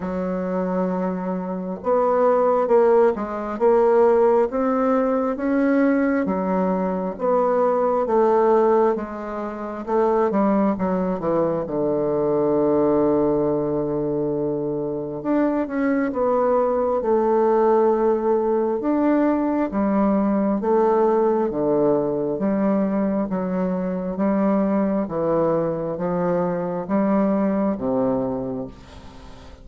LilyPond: \new Staff \with { instrumentName = "bassoon" } { \time 4/4 \tempo 4 = 67 fis2 b4 ais8 gis8 | ais4 c'4 cis'4 fis4 | b4 a4 gis4 a8 g8 | fis8 e8 d2.~ |
d4 d'8 cis'8 b4 a4~ | a4 d'4 g4 a4 | d4 g4 fis4 g4 | e4 f4 g4 c4 | }